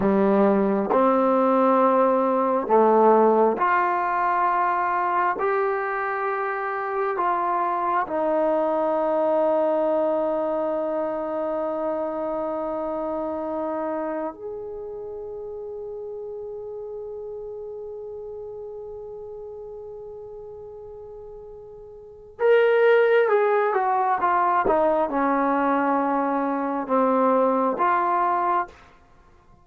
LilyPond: \new Staff \with { instrumentName = "trombone" } { \time 4/4 \tempo 4 = 67 g4 c'2 a4 | f'2 g'2 | f'4 dis'2.~ | dis'1 |
gis'1~ | gis'1~ | gis'4 ais'4 gis'8 fis'8 f'8 dis'8 | cis'2 c'4 f'4 | }